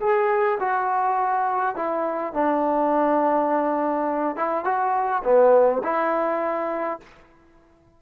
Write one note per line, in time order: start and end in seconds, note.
0.00 0.58 G#4
0.59 1.76 F#4
1.76 2.33 E4
2.33 4.36 D4
4.36 4.64 E4
4.64 5.22 F#4
5.23 5.82 B3
5.83 7.00 E4